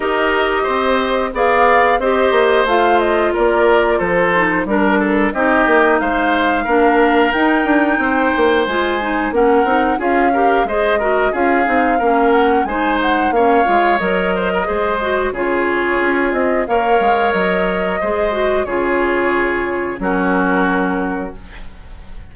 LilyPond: <<
  \new Staff \with { instrumentName = "flute" } { \time 4/4 \tempo 4 = 90 dis''2 f''4 dis''4 | f''8 dis''8 d''4 c''4 ais'4 | dis''4 f''2 g''4~ | g''4 gis''4 fis''4 f''4 |
dis''4 f''4. fis''8 gis''8 fis''8 | f''4 dis''2 cis''4~ | cis''8 dis''8 f''4 dis''2 | cis''2 ais'2 | }
  \new Staff \with { instrumentName = "oboe" } { \time 4/4 ais'4 c''4 d''4 c''4~ | c''4 ais'4 a'4 ais'8 a'8 | g'4 c''4 ais'2 | c''2 ais'4 gis'8 ais'8 |
c''8 ais'8 gis'4 ais'4 c''4 | cis''4. c''16 ais'16 c''4 gis'4~ | gis'4 cis''2 c''4 | gis'2 fis'2 | }
  \new Staff \with { instrumentName = "clarinet" } { \time 4/4 g'2 gis'4 g'4 | f'2~ f'8 dis'8 d'4 | dis'2 d'4 dis'4~ | dis'4 f'8 dis'8 cis'8 dis'8 f'8 g'8 |
gis'8 fis'8 f'8 dis'8 cis'4 dis'4 | cis'8 f'8 ais'4 gis'8 fis'8 f'4~ | f'4 ais'2 gis'8 fis'8 | f'2 cis'2 | }
  \new Staff \with { instrumentName = "bassoon" } { \time 4/4 dis'4 c'4 b4 c'8 ais8 | a4 ais4 f4 g4 | c'8 ais8 gis4 ais4 dis'8 d'8 | c'8 ais8 gis4 ais8 c'8 cis'4 |
gis4 cis'8 c'8 ais4 gis4 | ais8 gis8 fis4 gis4 cis4 | cis'8 c'8 ais8 gis8 fis4 gis4 | cis2 fis2 | }
>>